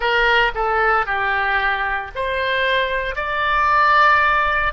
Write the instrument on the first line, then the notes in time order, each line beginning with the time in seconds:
oboe
0.00 A#4
0.55 A4
1.05 G4
2.15 C5
3.15 D5